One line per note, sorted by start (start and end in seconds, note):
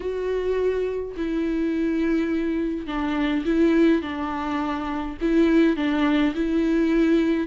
0.00 1.15 F#4
1.16 2.86 E4
2.86 3.44 D4
3.45 4.01 E4
4.01 5.17 D4
5.21 5.76 E4
5.76 6.34 D4
6.34 7.47 E4